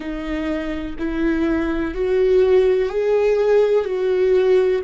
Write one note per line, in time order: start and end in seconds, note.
0.00 0.96 D#4
0.98 1.94 E4
1.94 2.89 F#4
2.89 3.84 G#4
3.84 4.81 F#4